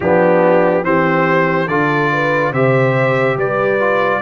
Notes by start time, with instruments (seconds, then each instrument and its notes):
0.00 tuba F3, trombone B3, horn D4, trumpet G4
0.83 tuba E3, trombone C4, horn G4, trumpet C5
1.67 tuba D3, trombone F4, horn A4, trumpet D5
2.12 horn B4
2.52 tuba C3, trombone G4, horn C5, trumpet E5
3.36 tuba G3, horn B4, trumpet D5
3.79 trombone F4